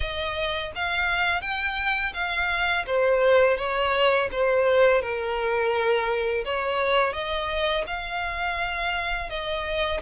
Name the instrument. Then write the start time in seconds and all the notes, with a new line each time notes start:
violin
0.00 D#5
0.75 F5
1.41 G5
2.13 F5
2.86 C5
3.57 C#5
4.31 C5
5.01 A#4
6.44 C#5
7.13 D#5
7.86 F5
9.29 D#5